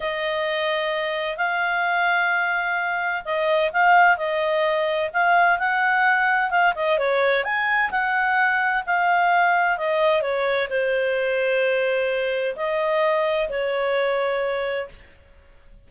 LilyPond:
\new Staff \with { instrumentName = "clarinet" } { \time 4/4 \tempo 4 = 129 dis''2. f''4~ | f''2. dis''4 | f''4 dis''2 f''4 | fis''2 f''8 dis''8 cis''4 |
gis''4 fis''2 f''4~ | f''4 dis''4 cis''4 c''4~ | c''2. dis''4~ | dis''4 cis''2. | }